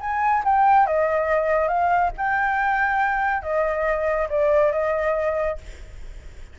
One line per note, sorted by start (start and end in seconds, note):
0.00 0.43 G#5
0.44 0.86 G5
0.86 1.68 D#5
1.68 2.11 F5
2.17 3.42 G5
3.42 4.28 D#5
4.29 4.72 D5
4.72 5.58 D#5